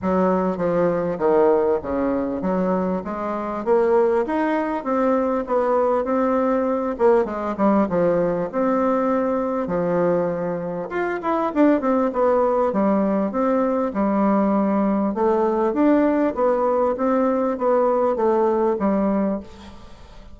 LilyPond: \new Staff \with { instrumentName = "bassoon" } { \time 4/4 \tempo 4 = 99 fis4 f4 dis4 cis4 | fis4 gis4 ais4 dis'4 | c'4 b4 c'4. ais8 | gis8 g8 f4 c'2 |
f2 f'8 e'8 d'8 c'8 | b4 g4 c'4 g4~ | g4 a4 d'4 b4 | c'4 b4 a4 g4 | }